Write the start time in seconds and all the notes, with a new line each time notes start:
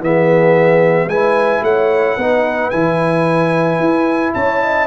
0.00 E3 B3 G#4 E5
1.06 G#3 E4 B4 G#5
1.62 A3 C#5 F#5
2.17 B3 D#4 B4
2.70 E3 E4 G#5
3.79 E4
4.33 C#4 C#5 A5
4.61 D#5